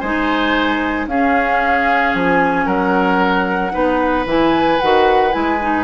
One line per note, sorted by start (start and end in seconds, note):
0.00 1.07 G#3
0.00 1.10 D#4
0.00 1.06 C5
0.00 1.06 G#5
1.07 2.13 C#4
1.07 3.72 C#4
1.07 2.65 G#4
1.07 2.14 F5
2.14 2.66 F3
2.14 2.67 G#5
2.65 3.72 F#3
2.65 3.72 A#4
2.65 4.26 F#5
3.72 4.25 B3
3.72 4.25 D#4
3.72 5.84 B4
4.25 4.78 E3
4.25 4.80 E4
4.25 4.79 G#5
4.79 5.35 D#3
4.79 5.31 F#4
4.79 5.32 F#5
5.31 5.84 G#3
5.31 5.58 E4
5.31 5.84 G#5
5.61 5.84 D#4